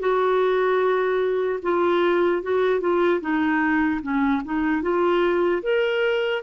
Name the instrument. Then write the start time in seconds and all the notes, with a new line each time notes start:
clarinet
0.00 F#4
1.63 F4
2.43 F#4
2.80 F4
3.21 D#4
4.02 C#4
4.45 D#4
4.82 F4
5.63 A#4